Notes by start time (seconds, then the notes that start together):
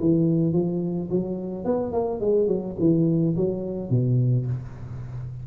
0.00 E3
0.53 F3
1.11 F#3
1.65 B3
1.93 A#3
2.21 G#3
2.48 F#3
2.80 E3
3.36 F#3
3.90 B2